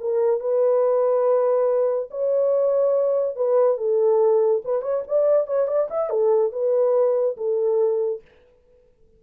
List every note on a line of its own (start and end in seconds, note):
0.00 0.41 A#4
0.41 2.10 B4
2.11 3.36 C#5
3.36 3.78 B4
3.78 4.62 A4
4.65 4.82 B4
4.82 5.03 C#5
5.08 5.47 D5
5.47 5.68 C#5
5.68 5.89 D5
5.91 6.10 E5
6.10 6.52 A4
6.52 7.37 B4
7.37 8.22 A4